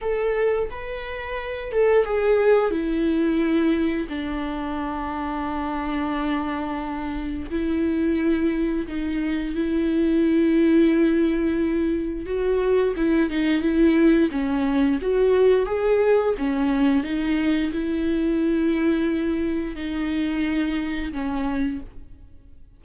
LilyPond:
\new Staff \with { instrumentName = "viola" } { \time 4/4 \tempo 4 = 88 a'4 b'4. a'8 gis'4 | e'2 d'2~ | d'2. e'4~ | e'4 dis'4 e'2~ |
e'2 fis'4 e'8 dis'8 | e'4 cis'4 fis'4 gis'4 | cis'4 dis'4 e'2~ | e'4 dis'2 cis'4 | }